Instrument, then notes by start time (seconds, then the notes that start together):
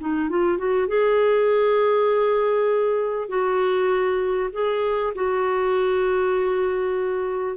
clarinet
0.00 D#4
0.29 F4
0.58 F#4
0.87 G#4
3.28 F#4
4.52 G#4
5.15 F#4